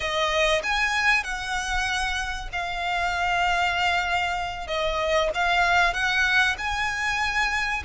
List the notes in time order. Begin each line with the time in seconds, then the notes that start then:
0.00 D#5
0.62 G#5
1.23 F#5
2.52 F5
4.67 D#5
5.34 F5
5.93 F#5
6.58 G#5